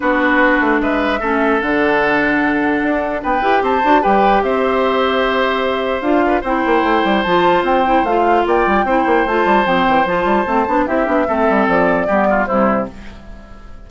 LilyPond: <<
  \new Staff \with { instrumentName = "flute" } { \time 4/4 \tempo 4 = 149 b'2 e''2 | fis''1 | g''4 a''4 g''4 e''4~ | e''2. f''4 |
g''2 a''4 g''4 | f''4 g''2 a''4 | g''4 a''2 e''4~ | e''4 d''2 c''4 | }
  \new Staff \with { instrumentName = "oboe" } { \time 4/4 fis'2 b'4 a'4~ | a'1 | b'4 c''4 b'4 c''4~ | c''2.~ c''8 b'8 |
c''1~ | c''4 d''4 c''2~ | c''2. g'4 | a'2 g'8 f'8 e'4 | }
  \new Staff \with { instrumentName = "clarinet" } { \time 4/4 d'2. cis'4 | d'1~ | d'8 g'4 fis'8 g'2~ | g'2. f'4 |
e'2 f'4. e'8 | f'2 e'4 f'4 | c'4 f'4 c'8 d'8 e'8 d'8 | c'2 b4 g4 | }
  \new Staff \with { instrumentName = "bassoon" } { \time 4/4 b4. a8 gis4 a4 | d2. d'4 | b8 e'8 c'8 d'8 g4 c'4~ | c'2. d'4 |
c'8 ais8 a8 g8 f4 c'4 | a4 ais8 g8 c'8 ais8 a8 g8 | f8 e8 f8 g8 a8 b8 c'8 b8 | a8 g8 f4 g4 c4 | }
>>